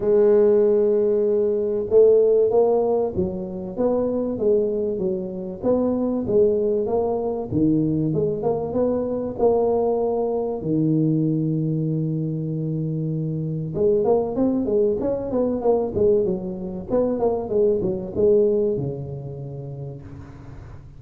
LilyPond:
\new Staff \with { instrumentName = "tuba" } { \time 4/4 \tempo 4 = 96 gis2. a4 | ais4 fis4 b4 gis4 | fis4 b4 gis4 ais4 | dis4 gis8 ais8 b4 ais4~ |
ais4 dis2.~ | dis2 gis8 ais8 c'8 gis8 | cis'8 b8 ais8 gis8 fis4 b8 ais8 | gis8 fis8 gis4 cis2 | }